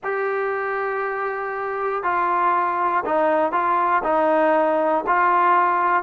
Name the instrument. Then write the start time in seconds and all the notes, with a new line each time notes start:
trombone
0.03 G4
2.03 F4
3.05 D#4
3.52 F4
4.03 D#4
5.06 F4